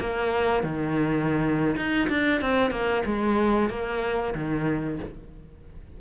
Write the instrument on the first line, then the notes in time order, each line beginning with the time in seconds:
cello
0.00 A#3
0.63 D#3
1.76 D#4
2.09 D4
2.41 C4
2.71 A#3
3.06 G#3
3.70 A#3
4.34 D#3